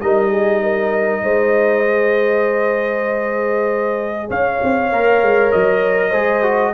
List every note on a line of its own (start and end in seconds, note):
0.00 1.23 G3
0.00 1.86 D#4
0.00 0.30 A#4
0.00 4.29 D#5
0.30 0.60 G#4
0.62 1.23 A#4
1.23 4.29 G#3
1.23 4.28 C5
1.86 4.92 G#4
4.28 4.60 C#4
4.28 6.09 C#5
4.28 5.52 F5
4.63 4.91 C4
4.91 5.22 A#3
4.91 6.12 A#4
5.22 5.52 G#3
5.52 6.13 F#3
5.52 6.74 D#5
6.09 6.74 G#3
6.09 6.42 G#4
6.09 6.71 C5
6.42 6.73 F#4